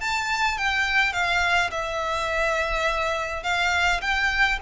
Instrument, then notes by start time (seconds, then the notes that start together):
violin
0.00 A5
0.57 G5
1.12 F5
1.71 E5
3.43 F5
4.01 G5